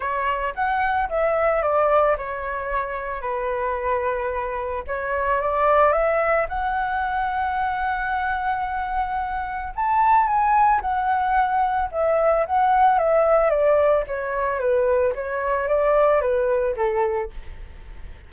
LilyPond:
\new Staff \with { instrumentName = "flute" } { \time 4/4 \tempo 4 = 111 cis''4 fis''4 e''4 d''4 | cis''2 b'2~ | b'4 cis''4 d''4 e''4 | fis''1~ |
fis''2 a''4 gis''4 | fis''2 e''4 fis''4 | e''4 d''4 cis''4 b'4 | cis''4 d''4 b'4 a'4 | }